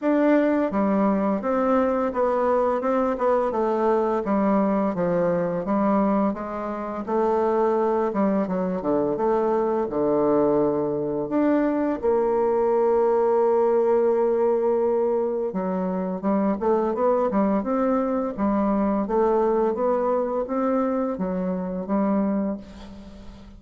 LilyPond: \new Staff \with { instrumentName = "bassoon" } { \time 4/4 \tempo 4 = 85 d'4 g4 c'4 b4 | c'8 b8 a4 g4 f4 | g4 gis4 a4. g8 | fis8 d8 a4 d2 |
d'4 ais2.~ | ais2 fis4 g8 a8 | b8 g8 c'4 g4 a4 | b4 c'4 fis4 g4 | }